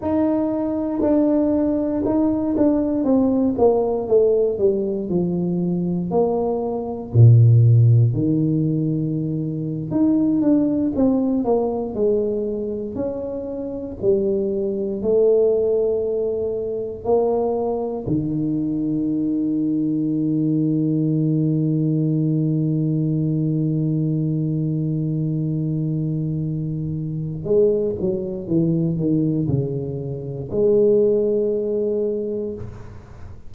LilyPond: \new Staff \with { instrumentName = "tuba" } { \time 4/4 \tempo 4 = 59 dis'4 d'4 dis'8 d'8 c'8 ais8 | a8 g8 f4 ais4 ais,4 | dis4.~ dis16 dis'8 d'8 c'8 ais8 gis16~ | gis8. cis'4 g4 a4~ a16~ |
a8. ais4 dis2~ dis16~ | dis1~ | dis2. gis8 fis8 | e8 dis8 cis4 gis2 | }